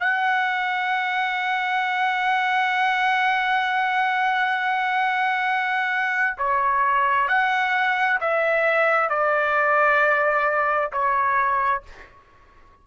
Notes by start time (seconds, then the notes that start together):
0.00 F#5
6.38 C#5
7.28 F#5
8.20 E5
9.09 D5
10.92 C#5